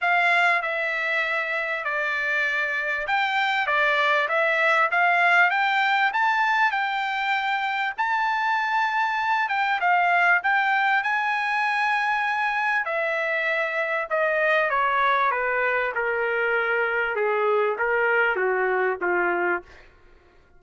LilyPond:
\new Staff \with { instrumentName = "trumpet" } { \time 4/4 \tempo 4 = 98 f''4 e''2 d''4~ | d''4 g''4 d''4 e''4 | f''4 g''4 a''4 g''4~ | g''4 a''2~ a''8 g''8 |
f''4 g''4 gis''2~ | gis''4 e''2 dis''4 | cis''4 b'4 ais'2 | gis'4 ais'4 fis'4 f'4 | }